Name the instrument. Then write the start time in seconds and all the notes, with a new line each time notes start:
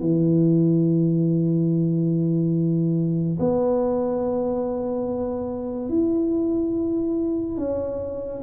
tuba
0.00 E3
3.40 B3
5.89 E4
7.57 C#4